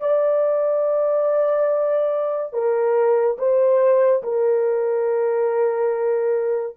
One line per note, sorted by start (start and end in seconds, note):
0.00 2.53 D5
2.53 3.38 A#4
3.38 4.23 C5
4.23 6.76 A#4